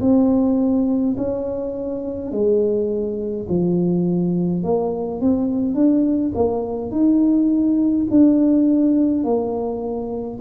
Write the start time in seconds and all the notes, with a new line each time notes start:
0.00 C4
1.17 C#4
2.31 G#3
3.49 F3
4.63 A#3
5.20 C4
5.74 D4
6.35 A#3
6.91 D#4
8.10 D4
9.24 A#3